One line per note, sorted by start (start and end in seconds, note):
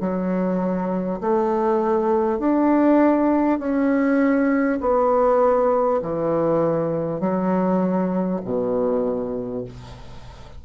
0.00 1.20 F#3
1.20 2.38 A3
2.38 3.58 D4
3.58 4.78 C#4
4.80 6.00 B3
6.02 7.20 E3
7.20 8.40 F#3
8.44 9.64 B2